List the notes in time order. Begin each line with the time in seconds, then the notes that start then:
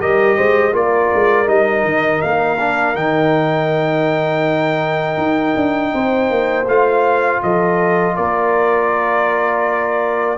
0.00 G3 G4 A#4 D#5
0.37 G#3 C5
0.72 A#3 F4 A#4 D5
1.14 G#3
1.46 G3 D#4 D#5
1.84 D#3
2.22 A#3 F5
2.59 D4
2.95 D#3 D#4 G5
5.17 D#4
5.56 D4
5.94 C4 C5
6.30 A#3
6.67 A3 F4 F5
7.43 F3 A4 D#5
8.15 A#3 A#4 D5